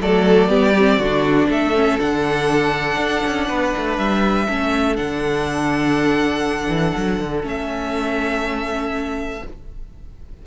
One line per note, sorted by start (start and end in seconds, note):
0.00 0.49 F#3
0.00 0.49 A3
0.00 0.50 A4
0.00 1.51 D5
0.49 0.98 G3
0.49 0.74 B3
0.49 0.99 G4
0.78 1.02 C4
0.98 1.48 D3
0.98 1.75 D4
0.98 1.48 F#4
1.49 1.99 A3
1.49 3.47 A4
1.49 2.00 E5
1.75 2.00 C#4
2.00 2.97 D3
2.00 4.48 D4
2.00 3.98 F#5
2.97 3.22 D4
3.27 3.50 C#4
3.48 3.75 B3
3.48 4.46 B4
3.77 3.98 A3
3.98 4.48 G3
3.98 4.97 E5
4.46 4.98 A3
4.46 4.96 C#4
4.46 9.42 A4
4.96 6.68 D3
4.96 7.42 D4
4.96 7.45 F#5
6.68 6.93 E3
6.97 7.20 F#3
7.20 7.44 D3
7.42 9.42 A3
7.42 9.40 C#4
7.48 9.47 E5